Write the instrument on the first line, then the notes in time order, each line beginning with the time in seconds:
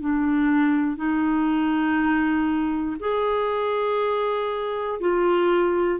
clarinet
0.00 D4
0.97 D#4
3.00 G#4
5.00 F4